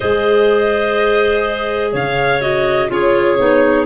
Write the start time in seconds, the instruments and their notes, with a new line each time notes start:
0.00 tuba G#3, clarinet G#4 C5, violin D#5
1.92 tuba C#3, clarinet C#5, violin F5
2.40 clarinet F#4, violin D#5
2.89 tuba C#4, clarinet F4 G#4, violin C#5
3.38 tuba B3, clarinet D#4